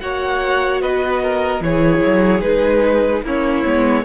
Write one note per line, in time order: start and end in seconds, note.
0.00 0.82 A#3
0.00 1.61 F#4
0.00 0.82 C#5
0.00 0.81 F#5
0.82 1.60 B3
0.82 1.22 B4
0.82 1.63 D#5
1.22 1.63 A#4
1.60 2.01 E3
1.60 2.42 E4
1.60 3.24 G#4
1.60 2.41 C#5
2.06 2.41 F#3
2.41 3.22 G#3
2.41 3.23 D#4
2.41 3.22 B4
3.23 3.64 A#3
3.23 3.65 C#4
3.23 4.05 E4
3.23 4.05 C#5
3.65 4.05 G#3
3.65 4.05 B3